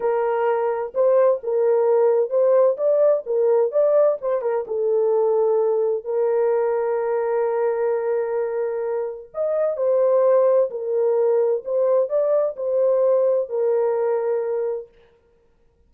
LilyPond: \new Staff \with { instrumentName = "horn" } { \time 4/4 \tempo 4 = 129 ais'2 c''4 ais'4~ | ais'4 c''4 d''4 ais'4 | d''4 c''8 ais'8 a'2~ | a'4 ais'2.~ |
ais'1 | dis''4 c''2 ais'4~ | ais'4 c''4 d''4 c''4~ | c''4 ais'2. | }